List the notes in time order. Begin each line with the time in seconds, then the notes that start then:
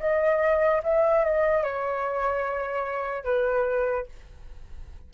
0.00 D#5
0.84 E5
1.25 D#5
1.64 C#5
3.25 B4